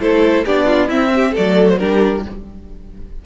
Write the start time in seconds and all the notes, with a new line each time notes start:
0.00 A3 E4 A4 C5
0.46 B3 D4 G4 D5
0.66 F4
0.87 C4 E4 E5
1.15 G4
1.31 A3 A4 D5
1.38 F#3
1.69 C5
1.78 G3 D4 G4 A#4